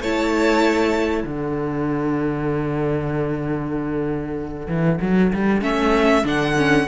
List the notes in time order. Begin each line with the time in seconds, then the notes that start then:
0.00 A3 E4 C#5 A5
1.23 D3 D4 A4 F#5
4.67 E3
5.01 F#3
5.33 G3
5.61 A3 C#4 E5
6.24 D3 D4 F#5
6.57 C#4